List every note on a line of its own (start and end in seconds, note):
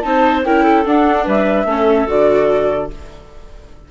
0.00 0.45 C4
0.00 0.43 D#4
0.00 0.46 C5
0.00 0.41 A5
0.44 0.86 C#4
0.44 0.85 E4
0.44 0.63 A#4
0.44 0.85 G5
0.63 1.24 A4
0.85 1.66 D4
0.85 1.26 D4
0.85 1.27 F#5
1.24 1.64 G3
1.24 1.65 B4
1.24 2.09 E5
1.64 2.05 A3
1.64 2.07 C#4
1.64 2.90 A4
2.07 2.90 D3
2.07 2.89 F#4
2.07 2.91 D5